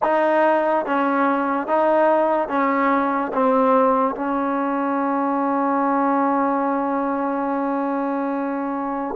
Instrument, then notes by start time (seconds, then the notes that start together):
trombone
0.02 D#4
0.85 C#4
1.67 D#4
2.48 C#4
3.33 C4
4.15 C#4